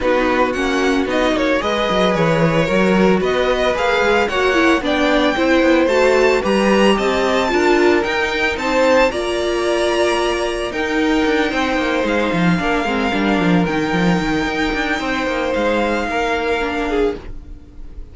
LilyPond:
<<
  \new Staff \with { instrumentName = "violin" } { \time 4/4 \tempo 4 = 112 b'4 fis''4 dis''8 cis''8 dis''4 | cis''2 dis''4 f''4 | fis''4 g''2 a''4 | ais''4 a''2 g''4 |
a''4 ais''2. | g''2~ g''8 f''4.~ | f''4. g''2~ g''8~ | g''4 f''2. | }
  \new Staff \with { instrumentName = "violin" } { \time 4/4 fis'2. b'4~ | b'4 ais'4 b'2 | cis''4 d''4 c''2 | b'4 dis''4 ais'2 |
c''4 d''2. | ais'4. c''2 ais'8~ | ais'1 | c''2 ais'4. gis'8 | }
  \new Staff \with { instrumentName = "viola" } { \time 4/4 dis'4 cis'4 dis'4 gis'4~ | gis'4 fis'2 gis'4 | fis'8 e'8 d'4 e'4 fis'4 | g'2 f'4 dis'4~ |
dis'4 f'2. | dis'2.~ dis'8 d'8 | c'8 d'4 dis'2~ dis'8~ | dis'2. d'4 | }
  \new Staff \with { instrumentName = "cello" } { \time 4/4 b4 ais4 b8 ais8 gis8 fis8 | e4 fis4 b4 ais8 gis8 | ais4 b4 c'8 b8 a4 | g4 c'4 d'4 dis'4 |
c'4 ais2. | dis'4 d'8 c'8 ais8 gis8 f8 ais8 | gis8 g8 f8 dis8 f8 dis8 dis'8 d'8 | c'8 ais8 gis4 ais2 | }
>>